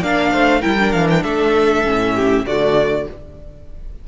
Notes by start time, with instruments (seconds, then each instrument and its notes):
0.00 cello A#3, viola D4, violin D5 F5
0.32 cello A3, violin C5
0.61 cello G3, viola E4, violin A#4 G5
0.79 viola D4
0.92 cello E3, violin F5
1.10 violin G5
1.23 cello A3, violin A4 E5
1.84 cello A2, viola C#4
2.15 violin G4
2.46 cello D3, viola A3, violin F#4 D5